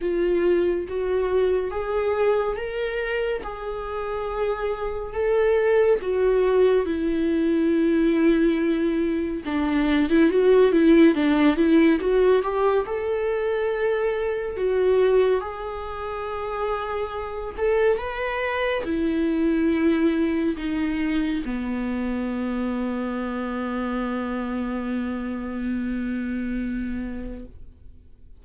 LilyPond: \new Staff \with { instrumentName = "viola" } { \time 4/4 \tempo 4 = 70 f'4 fis'4 gis'4 ais'4 | gis'2 a'4 fis'4 | e'2. d'8. e'16 | fis'8 e'8 d'8 e'8 fis'8 g'8 a'4~ |
a'4 fis'4 gis'2~ | gis'8 a'8 b'4 e'2 | dis'4 b2.~ | b1 | }